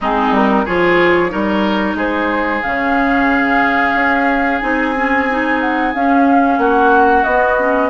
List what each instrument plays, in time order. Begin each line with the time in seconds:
0.00 bassoon G#3, clarinet C4, oboe D#4, flute G#4
0.30 bassoon G3, flute A#4
0.65 bassoon F3, clarinet F4, oboe G#4, flute C#5
1.29 bassoon G3, clarinet D#4, oboe A#4
1.94 bassoon G#3, oboe G#4, flute C5
2.62 bassoon C#3, clarinet C#4, flute F5
3.94 bassoon C#4
4.59 bassoon C4, clarinet D#4, flute G#5
4.96 clarinet C#4
5.30 clarinet D#4
5.59 flute F#5
5.94 bassoon C#4, clarinet C#4, flute F5
6.58 bassoon A#3, oboe F#4, flute F#5
7.23 bassoon B3, clarinet B3, flute D#5
7.58 clarinet C#4